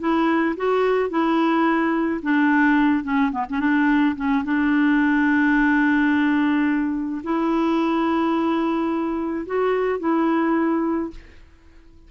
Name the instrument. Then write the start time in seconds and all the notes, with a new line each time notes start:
clarinet
0.00 E4
0.57 F#4
1.10 E4
2.23 D4
3.04 C#4
3.32 B3
3.50 C#4
3.60 D4
4.16 C#4
4.44 D4
7.24 E4
9.46 F#4
10.00 E4